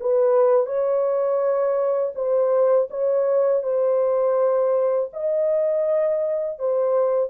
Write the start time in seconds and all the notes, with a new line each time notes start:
0.00 B4
0.66 C#5
2.15 C5
2.90 C#5
3.63 C5
5.13 D#5
6.59 C5